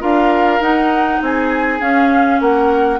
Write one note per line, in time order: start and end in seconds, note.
0.00 0.60 D4
0.00 0.60 F4
0.00 1.19 A#4
0.00 0.62 F5
0.60 1.19 D#4
0.60 1.80 D#4
0.60 1.21 F#5
1.22 1.80 C4
1.22 2.41 G#4
1.22 1.81 G#5
1.80 2.40 C#4
1.80 2.99 C#4
1.80 2.40 F5
2.40 3.00 A#3
2.40 3.00 A#4
2.40 3.00 F#5